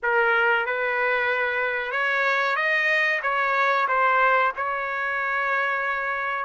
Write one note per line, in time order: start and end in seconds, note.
0.02 0.66 A#4
0.66 1.91 B4
1.91 2.55 C#5
2.55 3.20 D#5
3.22 3.87 C#5
3.87 4.52 C5
4.56 6.45 C#5